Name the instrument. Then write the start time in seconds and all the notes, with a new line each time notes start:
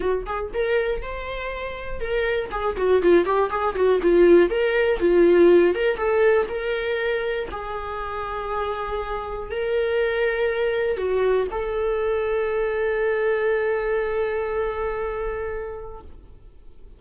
viola
0.00 F#4
0.26 G#4
0.53 A#4
1.01 C5
2.00 A#4
2.51 G#4
2.76 F#4
3.01 F4
3.25 G4
3.50 G#4
3.75 F#4
4.02 F4
4.50 A#4
4.99 F4
5.74 A#4
5.97 A4
6.49 A#4
7.51 G#4
9.50 A#4
10.97 F#4
11.51 A4